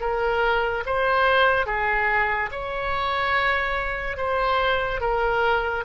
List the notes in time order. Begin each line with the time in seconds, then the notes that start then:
0.00 A#4
0.86 C5
1.66 G#4
2.51 C#5
4.17 C5
5.00 A#4